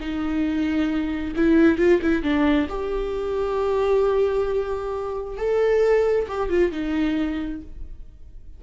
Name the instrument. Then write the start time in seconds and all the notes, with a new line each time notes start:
viola
0.00 D#4
1.36 E4
1.78 F4
2.02 E4
2.23 D4
2.69 G4
5.37 A4
6.27 G4
6.49 F4
6.72 D#4